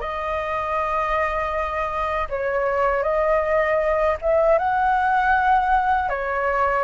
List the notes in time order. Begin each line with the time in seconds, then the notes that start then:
0.00 D#5
2.29 C#5
3.03 D#5
4.22 E5
4.58 F#5
6.09 C#5